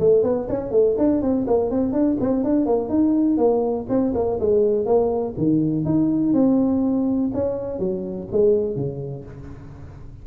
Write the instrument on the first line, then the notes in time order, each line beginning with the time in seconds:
tuba
0.00 A3
0.23 B3
0.49 C#4
0.71 A3
0.98 D4
1.22 C4
1.47 A#3
1.71 C4
1.93 D4
2.21 C4
2.44 D4
2.66 A#3
2.89 D#4
3.38 A#3
3.89 C4
4.15 A#3
4.40 G#3
4.86 A#3
5.38 D#3
5.85 D#4
6.33 C4
7.34 C#4
7.79 F#3
8.32 G#3
8.76 C#3